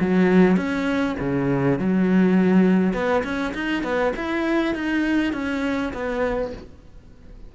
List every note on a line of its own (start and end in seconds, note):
0.00 0.57 F#3
0.57 1.16 C#4
1.19 1.79 C#3
1.79 2.94 F#3
2.94 3.23 B3
3.24 3.53 C#4
3.54 3.83 D#4
3.83 4.13 B3
4.16 4.75 E4
4.75 5.33 D#4
5.33 5.92 C#4
5.93 6.53 B3